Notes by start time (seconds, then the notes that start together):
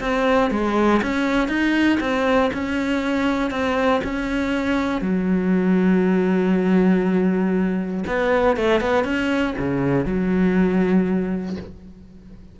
0.00 C4
0.51 G#3
1.02 C#4
1.48 D#4
2.00 C4
2.53 C#4
3.51 C4
4.04 C#4
5.01 F#3
8.07 B3
8.56 A3
8.81 B3
9.04 C#4
9.58 C#3
10.05 F#3